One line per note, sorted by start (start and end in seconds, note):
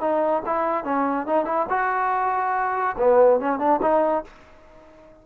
0.00 0.42 D#4
0.46 0.84 E4
0.84 1.26 C#4
1.26 1.45 D#4
1.45 1.66 E4
1.69 2.96 F#4
2.98 3.40 B3
3.40 3.59 C#4
3.59 3.80 D4
3.81 4.24 D#4